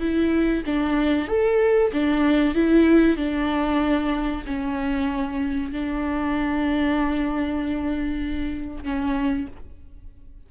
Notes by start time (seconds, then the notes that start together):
0.00 E4
0.66 D4
1.28 A4
1.93 D4
2.55 E4
3.17 D4
4.46 C#4
5.72 D4
8.84 C#4